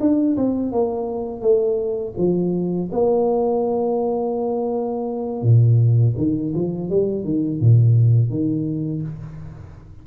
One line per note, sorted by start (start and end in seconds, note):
0.00 0.36 D4
0.37 0.72 C4
0.72 1.42 A#3
1.42 2.14 A3
2.17 2.89 F3
2.92 5.42 A#3
5.42 6.14 A#2
6.17 6.53 D#3
6.55 6.90 F3
6.90 7.24 G3
7.24 7.60 D#3
7.60 8.30 A#2
8.30 9.02 D#3